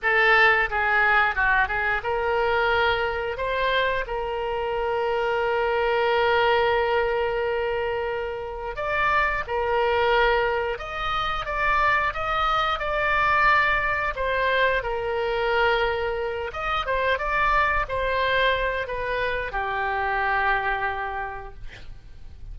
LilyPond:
\new Staff \with { instrumentName = "oboe" } { \time 4/4 \tempo 4 = 89 a'4 gis'4 fis'8 gis'8 ais'4~ | ais'4 c''4 ais'2~ | ais'1~ | ais'4 d''4 ais'2 |
dis''4 d''4 dis''4 d''4~ | d''4 c''4 ais'2~ | ais'8 dis''8 c''8 d''4 c''4. | b'4 g'2. | }